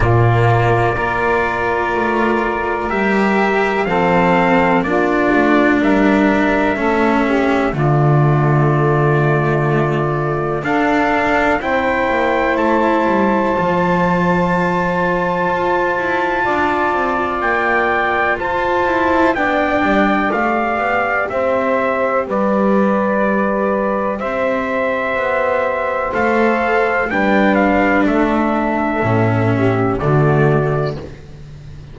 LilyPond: <<
  \new Staff \with { instrumentName = "trumpet" } { \time 4/4 \tempo 4 = 62 d''2. e''4 | f''4 d''4 e''2 | d''2. f''4 | g''4 a''2.~ |
a''2 g''4 a''4 | g''4 f''4 e''4 d''4~ | d''4 e''2 f''4 | g''8 f''8 e''2 d''4 | }
  \new Staff \with { instrumentName = "saxophone" } { \time 4/4 f'4 ais'2. | a'4 f'4 ais'4 a'8 g'8 | f'2. a'4 | c''1~ |
c''4 d''2 c''4 | d''2 c''4 b'4~ | b'4 c''2. | b'4 a'4. g'8 fis'4 | }
  \new Staff \with { instrumentName = "cello" } { \time 4/4 ais4 f'2 g'4 | c'4 d'2 cis'4 | a2. d'4 | e'2 f'2~ |
f'2.~ f'8 e'8 | d'4 g'2.~ | g'2. a'4 | d'2 cis'4 a4 | }
  \new Staff \with { instrumentName = "double bass" } { \time 4/4 ais,4 ais4 a4 g4 | f4 ais8 a8 g4 a4 | d2. d'4 | c'8 ais8 a8 g8 f2 |
f'8 e'8 d'8 c'8 ais4 f'4 | b8 g8 a8 b8 c'4 g4~ | g4 c'4 b4 a4 | g4 a4 a,4 d4 | }
>>